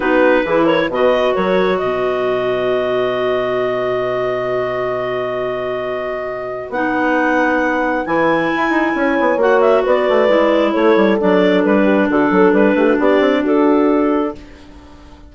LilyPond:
<<
  \new Staff \with { instrumentName = "clarinet" } { \time 4/4 \tempo 4 = 134 b'4. cis''8 dis''4 cis''4 | dis''1~ | dis''1~ | dis''2. fis''4~ |
fis''2 gis''2~ | gis''4 fis''8 e''8 d''2 | cis''4 d''4 b'4 a'4 | b'4 d''4 a'2 | }
  \new Staff \with { instrumentName = "horn" } { \time 4/4 fis'4 gis'8 ais'8 b'4 ais'4 | b'1~ | b'1~ | b'1~ |
b'1 | cis''2 b'2 | a'2~ a'8 g'8 fis'8 a'8~ | a'8 g'16 fis'16 g'4 fis'2 | }
  \new Staff \with { instrumentName = "clarinet" } { \time 4/4 dis'4 e'4 fis'2~ | fis'1~ | fis'1~ | fis'2. dis'4~ |
dis'2 e'2~ | e'4 fis'2 e'4~ | e'4 d'2.~ | d'1 | }
  \new Staff \with { instrumentName = "bassoon" } { \time 4/4 b4 e4 b,4 fis4 | b,1~ | b,1~ | b,2. b4~ |
b2 e4 e'8 dis'8 | cis'8 b8 ais4 b8 a8 gis4 | a8 g8 fis4 g4 d8 fis8 | g8 a8 b8 c'8 d'2 | }
>>